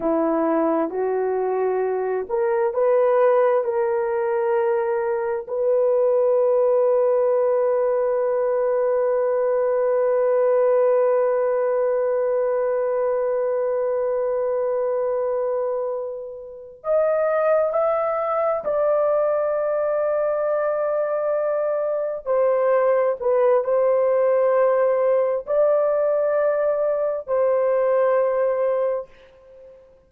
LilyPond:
\new Staff \with { instrumentName = "horn" } { \time 4/4 \tempo 4 = 66 e'4 fis'4. ais'8 b'4 | ais'2 b'2~ | b'1~ | b'1~ |
b'2~ b'8 dis''4 e''8~ | e''8 d''2.~ d''8~ | d''8 c''4 b'8 c''2 | d''2 c''2 | }